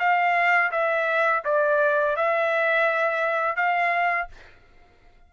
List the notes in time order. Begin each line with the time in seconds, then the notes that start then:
0.00 F5
0.72 E5
1.45 D5
2.17 E5
3.57 F5